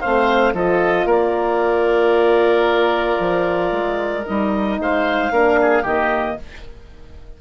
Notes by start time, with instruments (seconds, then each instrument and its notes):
0.00 bassoon A3, horn C4, oboe C5, clarinet F5
0.53 bassoon F3, horn F4, oboe A4, clarinet D#5
1.05 bassoon A#3, oboe A#4, clarinet D5
3.19 bassoon F3
3.71 bassoon G#3
4.26 bassoon G3, horn D#4, clarinet D#5
4.79 bassoon G#3, oboe C5, clarinet F5
5.31 bassoon A#3, horn D4, oboe A#4
5.61 oboe G#4
5.82 bassoon D#3, horn A#3, oboe G4, clarinet D#5